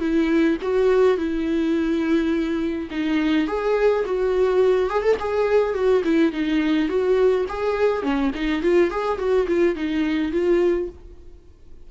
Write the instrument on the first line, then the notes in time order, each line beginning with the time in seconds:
viola
0.00 E4
0.62 F#4
1.17 E4
2.91 D#4
3.48 G#4
4.05 F#4
4.90 G#4
5.02 A4
5.19 G#4
5.74 F#4
6.04 E4
6.32 D#4
6.89 F#4
7.49 G#4
8.03 C#4
8.35 D#4
8.62 F4
8.91 G#4
9.18 F#4
9.48 F4
9.76 D#4
10.32 F4